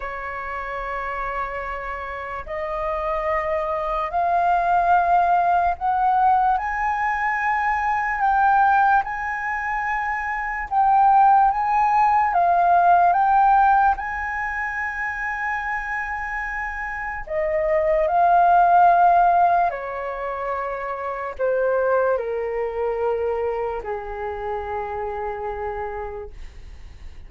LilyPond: \new Staff \with { instrumentName = "flute" } { \time 4/4 \tempo 4 = 73 cis''2. dis''4~ | dis''4 f''2 fis''4 | gis''2 g''4 gis''4~ | gis''4 g''4 gis''4 f''4 |
g''4 gis''2.~ | gis''4 dis''4 f''2 | cis''2 c''4 ais'4~ | ais'4 gis'2. | }